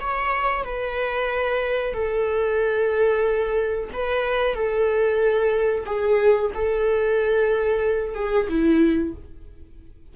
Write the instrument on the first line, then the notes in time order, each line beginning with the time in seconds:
viola
0.00 C#5
0.64 B4
1.94 A4
3.93 B4
4.54 A4
5.86 G#4
6.54 A4
8.15 G#4
8.49 E4